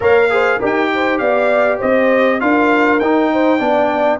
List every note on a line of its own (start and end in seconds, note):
0.00 0.60 A#3
0.00 0.29 A#4
0.00 0.30 C#5
0.00 0.62 F5
0.30 0.60 G#4
0.30 0.59 C5
0.59 1.20 D#4
0.59 2.40 G4
0.59 0.89 A#4
0.59 1.18 G5
0.94 1.20 C5
1.18 1.80 B3
1.18 1.78 D5
1.18 1.78 F5
1.78 2.41 C4
1.78 2.38 C5
1.78 2.40 D#5
2.40 3.01 D4
2.40 3.00 F4
2.40 3.32 A#4
2.40 2.99 F5
2.99 3.60 D#4
2.99 3.59 D#4
2.99 4.19 G5
3.32 3.58 C5
3.58 4.20 B3
3.58 4.19 D4
3.58 4.19 D5